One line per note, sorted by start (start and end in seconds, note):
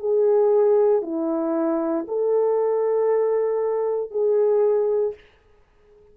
0.00 1.03 G#4
1.03 2.06 E4
2.08 4.11 A4
4.11 5.15 G#4